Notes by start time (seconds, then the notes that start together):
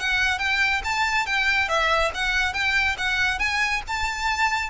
0.00 F#5
0.39 G5
0.85 A5
1.26 G5
1.69 E5
2.14 F#5
2.53 G5
2.98 F#5
3.39 G#5
3.88 A5